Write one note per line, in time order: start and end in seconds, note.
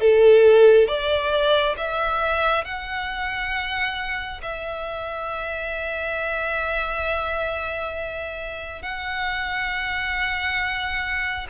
0.00 0.88 A4
0.88 1.76 D5
1.77 2.65 E5
2.65 4.41 F#5
4.42 8.82 E5
8.82 11.47 F#5